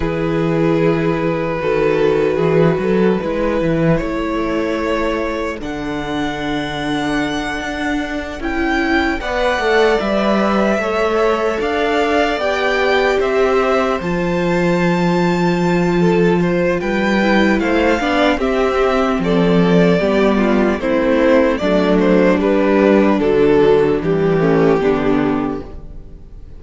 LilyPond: <<
  \new Staff \with { instrumentName = "violin" } { \time 4/4 \tempo 4 = 75 b'1~ | b'4 cis''2 fis''4~ | fis''2~ fis''8 g''4 fis''8~ | fis''8 e''2 f''4 g''8~ |
g''8 e''4 a''2~ a''8~ | a''4 g''4 f''4 e''4 | d''2 c''4 d''8 c''8 | b'4 a'4 g'2 | }
  \new Staff \with { instrumentName = "violin" } { \time 4/4 gis'2 a'4 gis'8 a'8 | b'4 a'2.~ | a'2.~ a'8 d''8~ | d''4. cis''4 d''4.~ |
d''8 c''2.~ c''8 | a'8 c''8 b'4 c''8 d''8 g'4 | a'4 g'8 f'8 e'4 d'4~ | d'2~ d'8 cis'8 d'4 | }
  \new Staff \with { instrumentName = "viola" } { \time 4/4 e'2 fis'2 | e'2. d'4~ | d'2~ d'8 e'4 b'8 | a'8 b'4 a'2 g'8~ |
g'4. f'2~ f'8~ | f'4. e'4 d'8 c'4~ | c'4 b4 c'4 a4 | g4 fis4 g8 a8 b4 | }
  \new Staff \with { instrumentName = "cello" } { \time 4/4 e2 dis4 e8 fis8 | gis8 e8 a2 d4~ | d4. d'4 cis'4 b8 | a8 g4 a4 d'4 b8~ |
b8 c'4 f2~ f8~ | f4 g4 a8 b8 c'4 | f4 g4 a4 fis4 | g4 d4 e4 d4 | }
>>